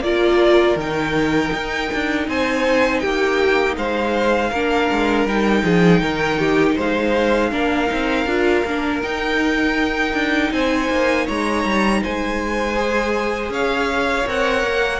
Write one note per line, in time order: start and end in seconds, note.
0.00 0.75 A#3
0.00 0.79 F4
0.00 2.29 A#4
0.00 0.77 D5
0.76 1.51 D#3
0.76 4.54 D#4
0.76 2.29 G5
1.53 1.91 D#4
1.94 2.28 D4
2.28 3.03 C4
2.28 3.01 C5
2.28 3.00 G#5
3.00 3.77 A#3
3.00 3.76 G4
3.00 3.75 G5
3.77 4.52 G#3
3.77 4.51 C5
3.77 5.28 F5
4.51 4.90 A#3
4.51 5.28 D4
4.51 5.63 A#4
4.92 5.26 G#3
5.26 5.63 G3
5.26 7.52 D#4
5.26 6.78 G5
5.64 6.01 F3
5.64 6.02 G#4
6.01 6.76 D#3
6.01 6.39 A#4
6.39 6.75 G4
6.75 7.53 G#3
6.75 7.50 C5
6.75 9.03 F5
7.52 7.90 A#3
7.52 7.87 D4
7.52 10.52 A#4
7.87 8.26 C4
7.87 8.25 D#4
8.26 8.64 D4
8.26 8.65 F4
8.65 9.03 A#3
8.65 9.03 D4
9.03 12.76 D#4
9.03 10.14 D#4
9.03 10.53 G5
10.14 10.51 D4
10.52 10.89 C4
10.52 11.26 C5
10.52 11.28 G#5
10.90 11.28 A#3
11.26 11.65 G#3
11.26 12.01 C#5
11.26 12.03 A#5
11.65 12.02 G3
12.03 13.50 G#3
12.03 13.52 C5
12.03 13.53 G#5
12.76 14.26 G#4
13.50 14.25 C#4
13.50 15.00 C#5
13.50 14.28 F5
14.27 14.64 C4
14.27 15.00 A#4
14.27 15.00 F#5
14.64 15.00 A#3